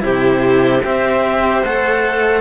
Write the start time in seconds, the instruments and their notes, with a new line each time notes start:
0.00 cello C3 E4, violin G4, clarinet C5
0.83 cello C4 G4, violin C5, clarinet E5
1.63 cello A3 A4, clarinet F#5